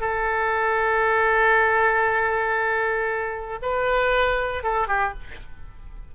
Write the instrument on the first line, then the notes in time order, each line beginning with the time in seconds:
oboe
0.00 A4
3.62 B4
4.63 A4
4.87 G4